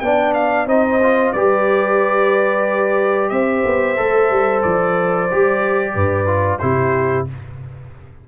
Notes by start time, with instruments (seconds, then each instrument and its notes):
0.00 tuba B3, trombone D4, horn D5, trumpet G5
0.34 trumpet F5
0.66 tuba C4, trombone D#4, horn C5, trumpet D#5
1.02 trombone F4
1.32 tuba G3, trombone G4, horn B4, trumpet D5
3.29 tuba C4, horn C5, trumpet E5
3.65 tuba B3
3.96 tuba A3, trombone A4
4.30 tuba G3
4.62 tuba F3, trumpet D5
5.31 tuba G3, trombone G4
5.94 tuba G2, horn B4
6.27 trombone F4
6.59 tuba C3, trombone E4, horn G4, trumpet C5